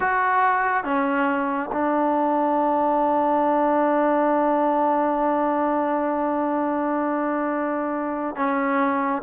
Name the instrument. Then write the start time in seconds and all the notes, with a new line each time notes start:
trombone
0.00 F#4
0.84 C#4
1.72 D4
8.36 C#4